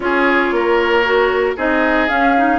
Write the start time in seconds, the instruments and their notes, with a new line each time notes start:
0.00 bassoon C#4, clarinet F4, oboe G#4, flute C#5
0.51 bassoon A#3, oboe A#4
1.04 clarinet F#4
1.56 bassoon C4, clarinet D#4, oboe G#4, flute D#5
2.08 clarinet C#4, bassoon C#4, flute F5
2.37 clarinet D#4